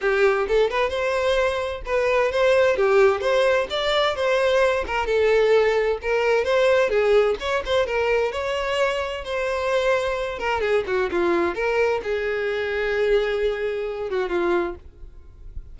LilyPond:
\new Staff \with { instrumentName = "violin" } { \time 4/4 \tempo 4 = 130 g'4 a'8 b'8 c''2 | b'4 c''4 g'4 c''4 | d''4 c''4. ais'8 a'4~ | a'4 ais'4 c''4 gis'4 |
cis''8 c''8 ais'4 cis''2 | c''2~ c''8 ais'8 gis'8 fis'8 | f'4 ais'4 gis'2~ | gis'2~ gis'8 fis'8 f'4 | }